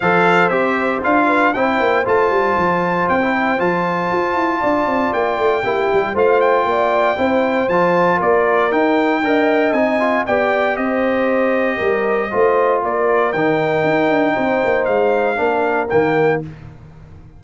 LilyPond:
<<
  \new Staff \with { instrumentName = "trumpet" } { \time 4/4 \tempo 4 = 117 f''4 e''4 f''4 g''4 | a''2 g''4 a''4~ | a''2 g''2 | f''8 g''2~ g''8 a''4 |
d''4 g''2 gis''4 | g''4 dis''2.~ | dis''4 d''4 g''2~ | g''4 f''2 g''4 | }
  \new Staff \with { instrumentName = "horn" } { \time 4/4 c''2~ c''8 b'8 c''4~ | c''1~ | c''4 d''2 g'4 | c''4 d''4 c''2 |
ais'2 dis''2 | d''4 c''2 ais'4 | c''4 ais'2. | c''2 ais'2 | }
  \new Staff \with { instrumentName = "trombone" } { \time 4/4 a'4 g'4 f'4 e'4 | f'2~ f'16 e'8. f'4~ | f'2. e'4 | f'2 e'4 f'4~ |
f'4 dis'4 ais'4 dis'8 f'8 | g'1 | f'2 dis'2~ | dis'2 d'4 ais4 | }
  \new Staff \with { instrumentName = "tuba" } { \time 4/4 f4 c'4 d'4 c'8 ais8 | a8 g8 f4 c'4 f4 | f'8 e'8 d'8 c'8 ais8 a8 ais8 g8 | a4 ais4 c'4 f4 |
ais4 dis'4 d'4 c'4 | b4 c'2 g4 | a4 ais4 dis4 dis'8 d'8 | c'8 ais8 gis4 ais4 dis4 | }
>>